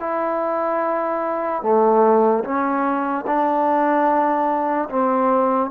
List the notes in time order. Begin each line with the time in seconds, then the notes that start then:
0.00 E4
1.62 A3
2.44 C#4
3.27 D4
4.89 C4